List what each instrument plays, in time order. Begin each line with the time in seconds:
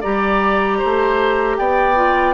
0.00 bassoon G3, clarinet G4, oboe D5, flute A#5
0.78 bassoon A3, oboe C5
1.57 bassoon B3, oboe D5, flute G5
1.95 clarinet F4